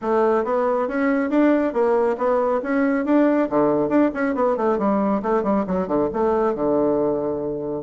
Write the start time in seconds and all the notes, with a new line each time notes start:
0.01 A3
0.44 B3
0.88 C#4
1.29 D4
1.73 A#3
2.17 B3
2.62 C#4
3.05 D4
3.49 D3
3.89 D4
4.14 C#4
4.35 B3
4.56 A3
4.78 G3
5.22 A3
5.43 G3
5.66 F#3
5.87 D3
6.13 A3
6.54 D3